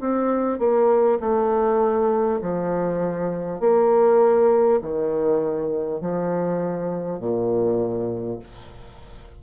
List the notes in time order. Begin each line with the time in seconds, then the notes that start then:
0.00 C4
0.58 A#3
1.20 A3
2.41 F3
3.60 A#3
4.81 D#3
6.00 F3
7.19 A#2